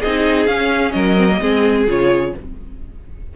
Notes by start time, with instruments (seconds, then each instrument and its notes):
0.00 cello C4, violin G#4 D#5
0.06 viola D#4
0.46 cello C#4, viola C#4, violin F5
0.91 cello F#3, violin A#4 D#5
1.17 viola C4
1.29 viola A#3
1.40 cello G#3, viola C4, violin G#4
1.87 cello C#3, viola F4, violin C#5